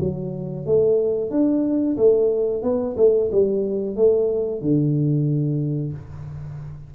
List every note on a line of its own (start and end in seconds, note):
0.00 0.66 F#3
0.66 1.31 A3
1.31 1.97 D4
1.97 2.63 A3
2.63 2.96 B3
2.97 3.30 A3
3.31 3.96 G3
3.96 4.62 A3
4.62 5.93 D3